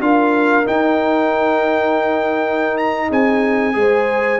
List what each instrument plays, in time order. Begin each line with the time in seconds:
0.00 tuba D4, trombone F4, horn A#4, trumpet F5
0.65 trombone D#4, tuba D#4, trumpet G5
2.77 trumpet A#5
3.09 tuba C4, horn G#4, trumpet G#5
3.73 tuba G#3, trombone G#4, horn C5